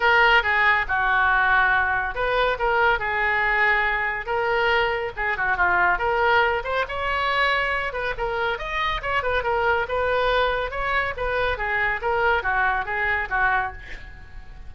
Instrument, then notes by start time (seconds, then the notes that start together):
oboe
0.00 A#4
0.42 G#4
0.87 F#4
2.14 B4
2.58 A#4
2.99 G#4
4.26 A#4
5.16 G#4
5.37 F#4
5.57 F4
5.98 A#4
6.64 C5
6.88 C#5
7.92 B4
8.17 A#4
8.58 D#5
9.02 C#5
9.23 B4
9.43 A#4
9.88 B4
10.70 C#5
11.16 B4
11.57 G#4
12.01 A#4
12.42 F#4
12.85 G#4
13.29 F#4